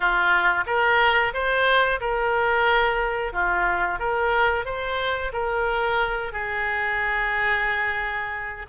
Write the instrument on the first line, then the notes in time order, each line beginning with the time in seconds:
oboe
0.00 F4
0.66 A#4
1.33 C5
2.00 A#4
3.32 F4
3.98 A#4
4.65 C5
5.32 A#4
6.32 G#4